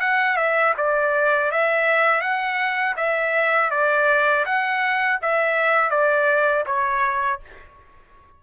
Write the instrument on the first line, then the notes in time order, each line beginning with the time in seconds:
trumpet
0.00 F#5
0.36 E5
0.77 D5
1.51 E5
2.21 F#5
2.96 E5
3.70 D5
4.45 F#5
5.21 E5
5.90 D5
6.66 C#5